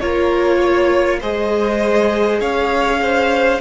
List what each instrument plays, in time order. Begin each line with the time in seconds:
0.00 cello A#3, viola F4, violin A#4 C#5
0.59 violin C#5
1.21 cello G#3, viola G#4, violin C5 D#5
2.41 cello C#4, violin C#5 F5
3.02 violin C5